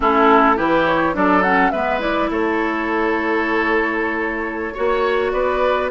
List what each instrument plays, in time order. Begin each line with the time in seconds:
0.00 bassoon A3, clarinet C#4, oboe E4, flute A4
0.56 bassoon E3, clarinet E4, oboe G4, flute B4
0.85 flute C#5
1.13 bassoon F#3, clarinet D4, oboe A4, flute D5
1.42 clarinet C#4, flute F#5
1.70 bassoon G#3, clarinet B3, oboe B4, flute E5
1.99 clarinet E4, flute D5
2.30 bassoon A3, oboe A4, flute C#5
4.73 bassoon A#3, clarinet F#4, oboe C#5
5.31 bassoon B3, oboe B4, flute D5